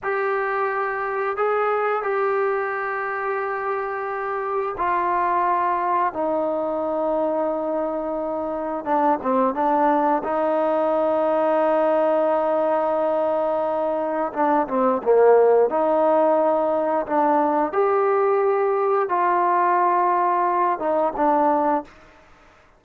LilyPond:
\new Staff \with { instrumentName = "trombone" } { \time 4/4 \tempo 4 = 88 g'2 gis'4 g'4~ | g'2. f'4~ | f'4 dis'2.~ | dis'4 d'8 c'8 d'4 dis'4~ |
dis'1~ | dis'4 d'8 c'8 ais4 dis'4~ | dis'4 d'4 g'2 | f'2~ f'8 dis'8 d'4 | }